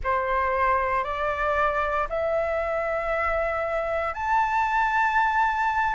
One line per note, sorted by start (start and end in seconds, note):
0.03 1.03 C5
1.03 2.07 D5
2.09 4.14 E5
4.14 5.95 A5